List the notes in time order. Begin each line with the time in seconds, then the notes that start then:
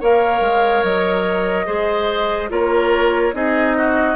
0.00 A#3 A#4 C#5 F5
0.40 G#3
0.83 F#3 D#5
1.66 G#3 G#4 C5
2.49 A#3 F4 A#4 C#5
3.33 C4 D#4 G#4 D#5
3.77 F#4